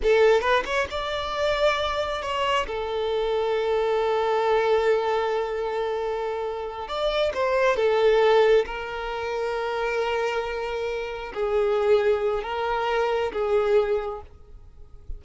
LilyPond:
\new Staff \with { instrumentName = "violin" } { \time 4/4 \tempo 4 = 135 a'4 b'8 cis''8 d''2~ | d''4 cis''4 a'2~ | a'1~ | a'2.~ a'8 d''8~ |
d''8 c''4 a'2 ais'8~ | ais'1~ | ais'4. gis'2~ gis'8 | ais'2 gis'2 | }